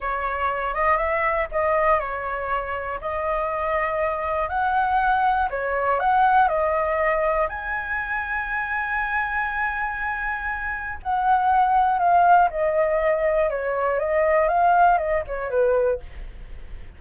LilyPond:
\new Staff \with { instrumentName = "flute" } { \time 4/4 \tempo 4 = 120 cis''4. dis''8 e''4 dis''4 | cis''2 dis''2~ | dis''4 fis''2 cis''4 | fis''4 dis''2 gis''4~ |
gis''1~ | gis''2 fis''2 | f''4 dis''2 cis''4 | dis''4 f''4 dis''8 cis''8 b'4 | }